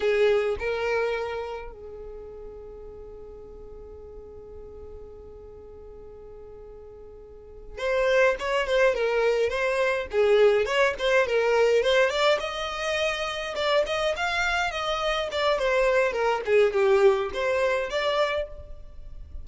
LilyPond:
\new Staff \with { instrumentName = "violin" } { \time 4/4 \tempo 4 = 104 gis'4 ais'2 gis'4~ | gis'1~ | gis'1~ | gis'4. c''4 cis''8 c''8 ais'8~ |
ais'8 c''4 gis'4 cis''8 c''8 ais'8~ | ais'8 c''8 d''8 dis''2 d''8 | dis''8 f''4 dis''4 d''8 c''4 | ais'8 gis'8 g'4 c''4 d''4 | }